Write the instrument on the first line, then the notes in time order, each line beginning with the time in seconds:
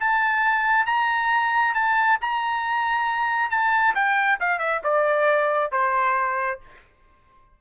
trumpet
0.00 A5
0.86 A#5
1.74 A5
2.21 A#5
3.50 A5
3.95 G5
4.40 F5
4.59 E5
4.84 D5
5.72 C5